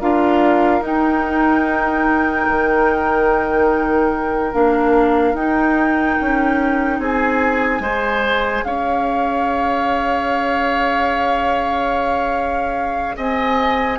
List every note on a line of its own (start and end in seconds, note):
0.00 0.81 D4
0.00 0.82 F4
0.00 6.99 A#4
0.00 0.83 F5
0.81 2.46 D#4
0.81 4.51 D#4
0.81 4.54 G5
2.48 4.54 D#3
4.52 5.34 A#3
4.52 5.34 D4
4.52 5.36 F5
5.34 6.16 D#4
5.34 7.82 D#4
5.34 7.00 G5
6.21 6.99 C#4
6.99 7.80 C4
6.99 7.82 G#4
6.99 8.64 G#5
7.80 8.62 G#3
7.80 13.99 G#4
7.80 8.64 C5
8.64 13.16 C#4
8.64 13.17 C#5
8.64 13.16 F5
13.17 13.99 C4
13.17 13.99 D#5
13.17 13.99 G#5